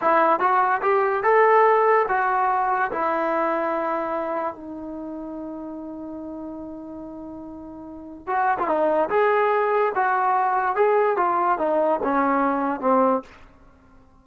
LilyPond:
\new Staff \with { instrumentName = "trombone" } { \time 4/4 \tempo 4 = 145 e'4 fis'4 g'4 a'4~ | a'4 fis'2 e'4~ | e'2. dis'4~ | dis'1~ |
dis'1 | fis'8. f'16 dis'4 gis'2 | fis'2 gis'4 f'4 | dis'4 cis'2 c'4 | }